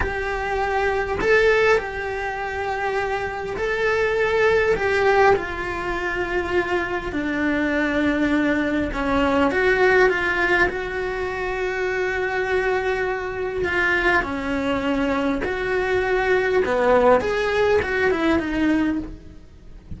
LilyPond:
\new Staff \with { instrumentName = "cello" } { \time 4/4 \tempo 4 = 101 g'2 a'4 g'4~ | g'2 a'2 | g'4 f'2. | d'2. cis'4 |
fis'4 f'4 fis'2~ | fis'2. f'4 | cis'2 fis'2 | b4 gis'4 fis'8 e'8 dis'4 | }